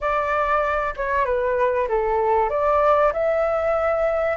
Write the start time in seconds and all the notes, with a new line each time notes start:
0.00 D5
0.96 C#5
1.25 B4
1.88 A4
2.49 D5
3.12 E5